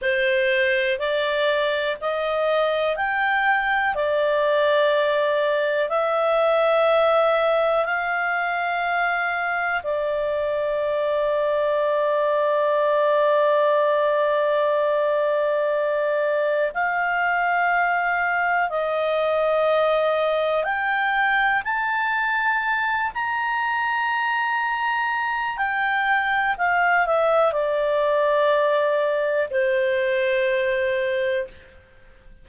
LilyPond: \new Staff \with { instrumentName = "clarinet" } { \time 4/4 \tempo 4 = 61 c''4 d''4 dis''4 g''4 | d''2 e''2 | f''2 d''2~ | d''1~ |
d''4 f''2 dis''4~ | dis''4 g''4 a''4. ais''8~ | ais''2 g''4 f''8 e''8 | d''2 c''2 | }